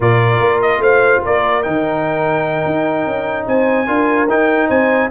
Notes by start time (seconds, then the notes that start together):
0.00 A#2 F4 A#4 D5
0.39 A#3
0.61 D#5
0.79 A3 C5 F5
1.22 A#3 A#4 D5
1.62 D#3 D#4 G5
2.65 D#4
3.06 C#4
3.47 C4 C5 G#5
3.86 D4 F4 A#4
4.28 D#4 G5
4.68 C4 C5 G#5